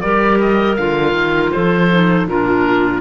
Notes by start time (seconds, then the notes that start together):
0.00 G3 G4 A#4 D5
0.40 D#5
0.76 D3 F4 F5
1.13 D#3
1.51 F3 A4 C5
1.91 D#4
2.26 A#2 D4 F4 A#4